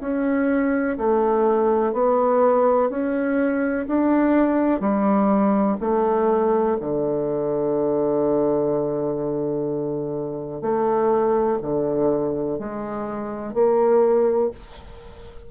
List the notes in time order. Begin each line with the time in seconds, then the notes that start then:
0.00 C#4
0.97 A3
1.92 B3
2.89 C#4
3.87 D4
4.80 G3
5.80 A3
6.80 D3
10.61 A3
11.62 D3
12.59 G#3
13.53 A#3